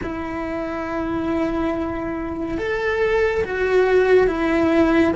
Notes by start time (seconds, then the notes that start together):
0.02 E4
2.58 A4
3.44 F#4
4.27 E4